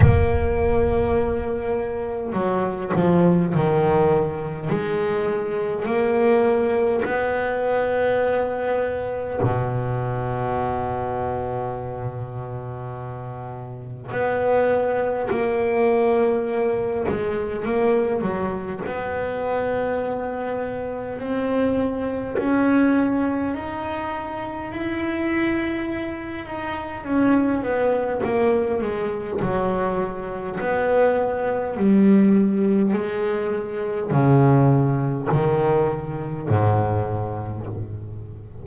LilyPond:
\new Staff \with { instrumentName = "double bass" } { \time 4/4 \tempo 4 = 51 ais2 fis8 f8 dis4 | gis4 ais4 b2 | b,1 | b4 ais4. gis8 ais8 fis8 |
b2 c'4 cis'4 | dis'4 e'4. dis'8 cis'8 b8 | ais8 gis8 fis4 b4 g4 | gis4 cis4 dis4 gis,4 | }